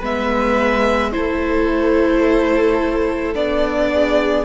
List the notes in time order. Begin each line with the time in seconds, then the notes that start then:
0.00 G#3 B3 B4 E5
1.12 A3 E4 A4 C5
3.35 B3 D4 D5
3.93 G#4